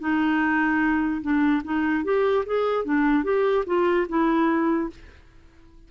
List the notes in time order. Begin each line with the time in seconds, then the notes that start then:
0.00 D#4
1.22 D4
1.65 D#4
2.05 G4
2.46 G#4
2.85 D4
3.24 G4
3.67 F4
4.09 E4